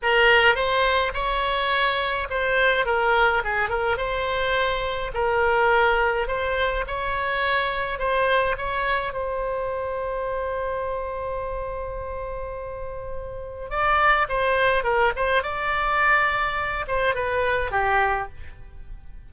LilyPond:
\new Staff \with { instrumentName = "oboe" } { \time 4/4 \tempo 4 = 105 ais'4 c''4 cis''2 | c''4 ais'4 gis'8 ais'8 c''4~ | c''4 ais'2 c''4 | cis''2 c''4 cis''4 |
c''1~ | c''1 | d''4 c''4 ais'8 c''8 d''4~ | d''4. c''8 b'4 g'4 | }